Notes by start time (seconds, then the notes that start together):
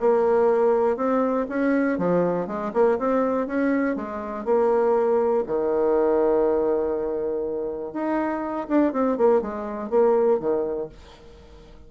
0.00 A#3
0.96 C4
1.49 C#4
1.98 F3
2.47 G#3
2.73 A#3
2.98 C4
3.47 C#4
3.96 G#3
4.45 A#3
5.46 D#3
7.92 D#4
8.68 D4
8.92 C4
9.17 A#3
9.41 G#3
9.89 A#3
10.39 D#3